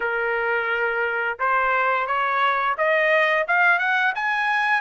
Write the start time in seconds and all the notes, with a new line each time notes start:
0.00 A#4
1.39 C5
2.06 C#5
2.77 D#5
3.47 F5
3.78 F#5
4.15 G#5